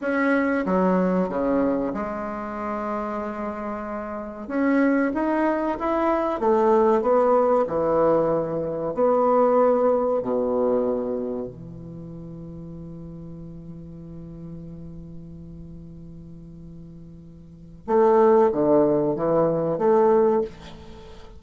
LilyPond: \new Staff \with { instrumentName = "bassoon" } { \time 4/4 \tempo 4 = 94 cis'4 fis4 cis4 gis4~ | gis2. cis'4 | dis'4 e'4 a4 b4 | e2 b2 |
b,2 e2~ | e1~ | e1 | a4 d4 e4 a4 | }